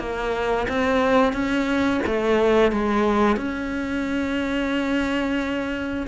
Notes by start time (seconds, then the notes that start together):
0.00 A#3
0.69 C4
1.34 C#4
2.07 A3
2.72 G#3
3.37 C#4